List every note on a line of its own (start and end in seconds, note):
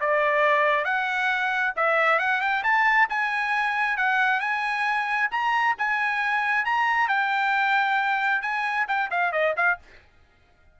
0.00 0.84 D5
0.84 1.73 F#5
1.76 2.19 E5
2.19 2.41 F#5
2.41 2.63 G5
2.63 3.08 A5
3.09 3.97 G#5
3.97 4.40 F#5
4.40 5.29 G#5
5.31 5.76 A#5
5.78 6.65 G#5
6.65 7.08 A#5
7.08 8.42 G5
8.42 8.86 G#5
8.88 9.10 G5
9.10 9.32 F5
9.32 9.54 D#5
9.56 9.79 F5